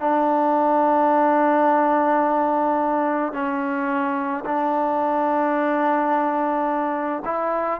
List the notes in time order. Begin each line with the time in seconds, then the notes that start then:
0.00 D4
3.33 C#4
4.45 D4
7.25 E4